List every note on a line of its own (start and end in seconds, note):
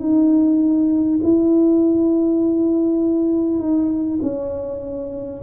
0.00 1.20 D#4
1.23 3.59 E4
3.59 4.19 D#4
4.23 5.43 C#4